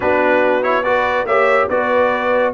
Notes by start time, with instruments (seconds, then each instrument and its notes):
0.00 tuba B3, trombone D4, horn F#4, trumpet B4
0.62 trombone E4, trumpet C#5
0.83 trombone F#4, horn B4, trumpet D5
1.24 tuba A#3, trombone G4, horn C#5, trumpet E5
1.69 tuba B3, trombone F#4, horn B4, trumpet D5